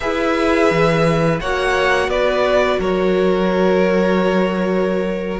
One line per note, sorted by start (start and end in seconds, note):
0.00 0.70 E4
0.00 1.40 G#4
0.00 1.40 B4
0.00 1.38 E5
0.70 1.40 E3
1.40 2.08 A#3
1.40 5.39 F#4
1.40 2.10 C#5
1.40 2.09 F#5
2.08 2.77 B3
2.08 2.79 B4
2.08 2.79 D5
2.79 5.39 F#3
2.79 5.39 A#4
2.79 5.39 C#5